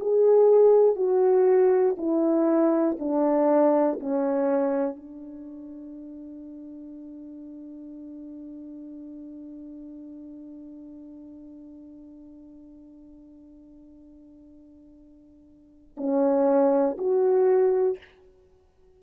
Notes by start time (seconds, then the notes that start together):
0.00 G#4
0.95 F#4
1.97 E4
2.99 D4
4.00 C#4
4.96 D4
15.97 C#4
16.98 F#4